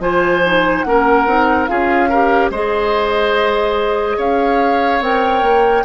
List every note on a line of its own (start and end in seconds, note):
0.00 0.83 F3
0.00 0.43 F4
0.00 0.85 C5
0.00 0.82 G#5
0.45 0.86 D#4
0.82 1.26 A#3
0.82 1.27 C#4
0.82 1.70 A#4
0.82 1.65 F#5
1.26 1.68 C4
1.26 1.68 D#4
1.66 2.50 C#4
1.66 2.09 F4
1.66 2.09 G#4
1.66 2.49 F5
2.09 2.54 G4
2.09 2.51 A#4
2.50 4.17 G#3
2.50 5.02 G#4
2.50 4.17 C5
2.50 4.19 D#5
4.17 5.01 C#4
4.17 5.84 C#5
4.17 5.03 F5
5.01 5.42 C4
5.01 5.85 A#4
5.01 5.85 G5
5.42 5.84 A#3